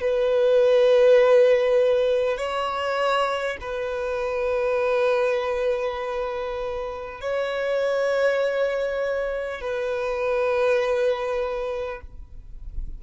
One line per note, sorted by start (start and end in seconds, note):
0.00 2.37 B4
2.37 3.57 C#5
3.61 7.21 B4
7.21 9.60 C#5
9.60 12.00 B4